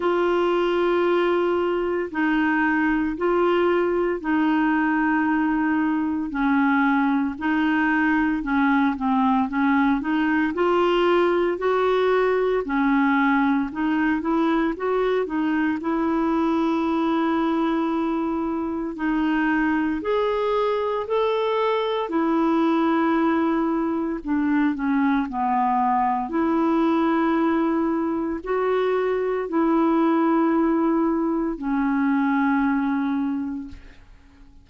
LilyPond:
\new Staff \with { instrumentName = "clarinet" } { \time 4/4 \tempo 4 = 57 f'2 dis'4 f'4 | dis'2 cis'4 dis'4 | cis'8 c'8 cis'8 dis'8 f'4 fis'4 | cis'4 dis'8 e'8 fis'8 dis'8 e'4~ |
e'2 dis'4 gis'4 | a'4 e'2 d'8 cis'8 | b4 e'2 fis'4 | e'2 cis'2 | }